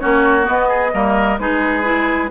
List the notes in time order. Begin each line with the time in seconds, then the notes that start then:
0.00 A#3 C#4 F#4 C#5
0.43 B3 D#5
0.69 G#4
0.93 G3 A#3 A#4
1.39 G#3 D#4 G#4 B4
1.84 E4